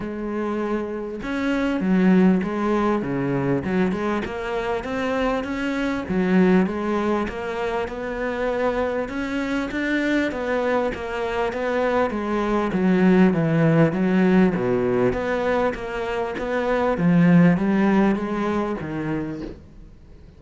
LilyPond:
\new Staff \with { instrumentName = "cello" } { \time 4/4 \tempo 4 = 99 gis2 cis'4 fis4 | gis4 cis4 fis8 gis8 ais4 | c'4 cis'4 fis4 gis4 | ais4 b2 cis'4 |
d'4 b4 ais4 b4 | gis4 fis4 e4 fis4 | b,4 b4 ais4 b4 | f4 g4 gis4 dis4 | }